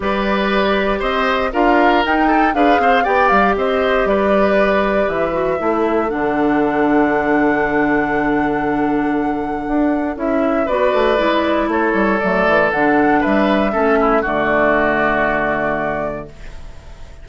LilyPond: <<
  \new Staff \with { instrumentName = "flute" } { \time 4/4 \tempo 4 = 118 d''2 dis''4 f''4 | g''4 f''4 g''8 f''8 dis''4 | d''2 e''2 | fis''1~ |
fis''1 | e''4 d''2 cis''4 | d''4 fis''4 e''2 | d''1 | }
  \new Staff \with { instrumentName = "oboe" } { \time 4/4 b'2 c''4 ais'4~ | ais'8 a'8 b'8 c''8 d''4 c''4 | b'2. a'4~ | a'1~ |
a'1~ | a'4 b'2 a'4~ | a'2 b'4 a'8 e'8 | fis'1 | }
  \new Staff \with { instrumentName = "clarinet" } { \time 4/4 g'2. f'4 | dis'4 gis'4 g'2~ | g'2~ g'8 fis'8 e'4 | d'1~ |
d'1 | e'4 fis'4 e'2 | a4 d'2 cis'4 | a1 | }
  \new Staff \with { instrumentName = "bassoon" } { \time 4/4 g2 c'4 d'4 | dis'4 d'8 c'8 b8 g8 c'4 | g2 e4 a4 | d1~ |
d2. d'4 | cis'4 b8 a8 gis4 a8 g8 | fis8 e8 d4 g4 a4 | d1 | }
>>